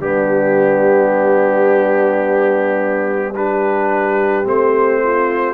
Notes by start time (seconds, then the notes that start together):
0.00 G3 B3 D4 G4
3.35 D4 G4 B4
4.44 A3 C4 C5
5.03 F4